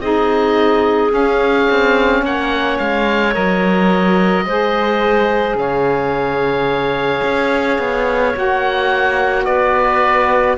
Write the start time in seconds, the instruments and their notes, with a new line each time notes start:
0.00 cello C4, saxophone D#4, clarinet G#4, oboe D#5
1.09 saxophone C#4, cello C#4, oboe F5
1.70 cello C4
2.22 cello A#3, clarinet C#5, oboe F#5
2.78 cello G#3, oboe F5
3.33 cello F#3, saxophone A#4, oboe D#5
4.45 cello G#3, saxophone G#4, clarinet C5
5.55 cello C#3, clarinet C#5, oboe F5
7.24 cello C#4
7.78 cello B3
8.35 cello A#3, saxophone F#4, oboe F#5
9.45 cello B3, clarinet B4, oboe D5